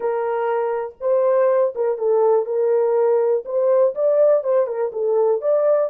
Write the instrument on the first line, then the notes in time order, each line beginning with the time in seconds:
horn
0.00 A#4
1.00 C5
1.75 A#4
1.98 A4
2.45 A#4
3.45 C5
3.94 D5
4.43 C5
4.66 A#4
4.92 A4
5.41 D5